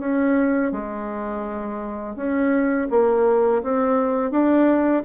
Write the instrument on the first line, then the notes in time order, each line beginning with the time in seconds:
bassoon
0.00 C#4
0.72 G#3
2.16 C#4
2.90 A#3
3.63 C4
4.31 D4